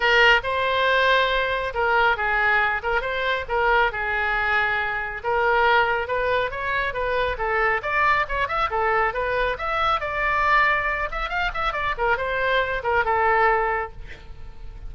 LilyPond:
\new Staff \with { instrumentName = "oboe" } { \time 4/4 \tempo 4 = 138 ais'4 c''2. | ais'4 gis'4. ais'8 c''4 | ais'4 gis'2. | ais'2 b'4 cis''4 |
b'4 a'4 d''4 cis''8 e''8 | a'4 b'4 e''4 d''4~ | d''4. e''8 f''8 e''8 d''8 ais'8 | c''4. ais'8 a'2 | }